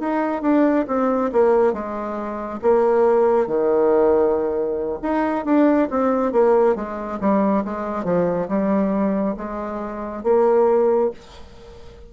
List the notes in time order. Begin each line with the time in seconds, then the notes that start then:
0.00 D#4
0.42 D4
0.88 C4
1.32 A#3
1.73 G#3
2.62 A#3
3.47 D#3
5.02 D#4
5.45 D4
5.91 C4
6.32 A#3
6.75 G#3
7.21 G3
7.65 G#3
8.05 F3
8.48 G3
9.38 G#3
10.24 A#3